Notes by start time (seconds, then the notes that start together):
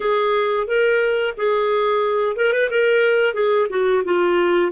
0.00 G#4
0.67 A#4
1.37 G#4
2.36 A#4
2.53 B4
2.70 A#4
3.34 G#4
3.69 F#4
4.04 F4